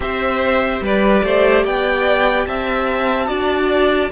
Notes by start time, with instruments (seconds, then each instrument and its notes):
0.00 cello C4, viola G4, violin C5 E5
0.81 cello G3, violin B4 D5
1.23 cello A3, violin C5
1.63 cello B3, violin D5 G5
2.46 cello C4, violin E5 A5
3.26 cello D4, viola F#4, violin D5